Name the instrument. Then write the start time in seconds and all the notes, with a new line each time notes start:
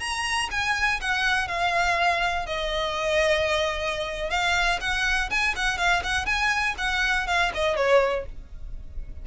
violin
0.00 A#5
0.51 G#5
1.01 F#5
1.48 F5
2.46 D#5
4.30 F5
4.80 F#5
5.30 G#5
5.56 F#5
5.78 F5
6.03 F#5
6.26 G#5
6.78 F#5
7.27 F5
7.54 D#5
7.76 C#5